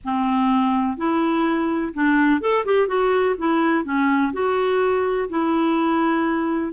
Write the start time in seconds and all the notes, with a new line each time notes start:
0.04 C4
0.97 E4
1.93 D4
2.40 A4
2.65 G4
2.87 F#4
3.37 E4
3.84 C#4
4.32 F#4
5.29 E4